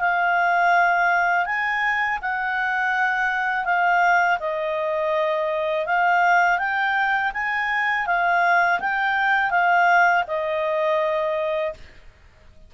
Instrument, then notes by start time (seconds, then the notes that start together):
clarinet
0.00 F5
1.46 G#5
2.22 F#5
3.65 F5
4.40 D#5
5.86 F5
6.58 G5
7.33 G#5
8.06 F5
8.80 G5
9.51 F5
10.27 D#5